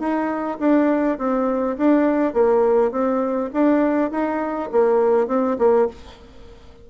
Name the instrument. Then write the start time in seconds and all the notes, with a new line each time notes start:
bassoon
0.00 D#4
0.60 D4
1.18 C4
1.78 D4
2.34 A#3
2.92 C4
3.54 D4
4.11 D#4
4.72 A#3
5.28 C4
5.59 A#3